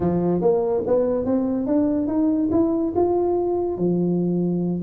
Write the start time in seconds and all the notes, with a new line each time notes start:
0.00 F3
0.41 A#3
0.86 B3
1.25 C4
1.66 D4
2.07 D#4
2.51 E4
2.95 F4
3.77 F3